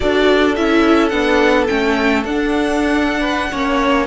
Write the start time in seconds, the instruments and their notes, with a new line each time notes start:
0.00 cello D4, viola F#4, violin A4 D5
0.55 cello C#4, viola E4, violin E5
1.08 cello B3, viola D4, violin F#5
1.67 cello A3, viola C#4, violin G5
2.24 cello D4, viola D4, violin F#5
3.20 violin B4
3.51 cello A#3, viola C#4, violin C#5